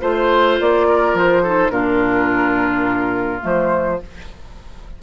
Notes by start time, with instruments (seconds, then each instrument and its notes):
0.00 bassoon A3, clarinet F4, oboe C5, flute C5
0.60 bassoon A#3, flute D5
0.89 oboe A#4
1.14 bassoon F3, flute C5
1.43 clarinet D#4, oboe A4
1.70 bassoon A#2, clarinet D4, oboe F4, flute A#4
3.40 bassoon F3, clarinet A3, flute C5